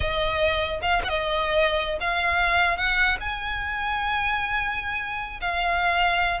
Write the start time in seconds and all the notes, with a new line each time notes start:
0.00 D#5
0.81 F5
1.04 D#5 F#5
2.00 F5
2.77 F#5
3.20 G#5
5.40 F5